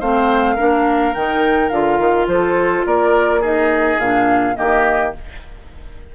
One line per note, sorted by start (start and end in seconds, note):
0.00 0.58 A3
0.00 0.57 C4
0.00 0.55 C5
0.00 1.14 F5
0.55 1.15 A#3
0.55 1.14 D4
0.55 2.26 A#4
1.14 1.71 D#3
1.14 1.71 D#4
1.14 1.69 G5
1.69 1.99 D3
1.69 3.42 F4
1.69 2.26 F5
1.99 2.27 D#3
2.27 2.84 F3
2.27 2.86 A4
2.27 2.85 C5
2.86 3.97 A#3
2.86 3.40 A#4
2.86 3.43 D5
3.40 3.99 D#4
3.40 4.54 G#4
3.40 3.99 D#5
3.97 4.55 A#2
3.97 4.55 D4
3.97 4.56 F5
4.55 5.15 D#3
4.55 5.12 A#3
4.55 5.15 G4
4.55 5.13 D#5